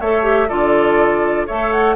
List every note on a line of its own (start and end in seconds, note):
0.00 0.49 A3
0.00 0.22 A4
0.00 0.48 C#5
0.00 0.49 E5
0.22 0.47 G4
0.48 1.49 D3
0.48 1.47 F4
0.48 1.46 A4
0.48 1.47 D5
1.46 1.95 A3
1.46 1.95 A4
1.46 1.95 C#5
1.46 1.71 E5
1.71 1.95 F#5